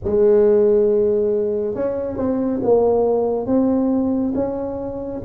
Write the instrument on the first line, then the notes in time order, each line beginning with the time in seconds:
tuba
0.04 G#3
1.74 C#4
2.16 C4
2.62 A#3
3.46 C4
4.34 C#4